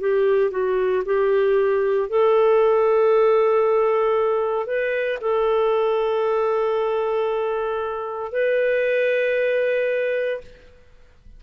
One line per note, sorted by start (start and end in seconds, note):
0.00 0.51 G4
0.51 1.03 F#4
1.06 2.09 G4
2.09 4.67 A4
4.67 5.19 B4
5.21 8.32 A4
8.32 10.41 B4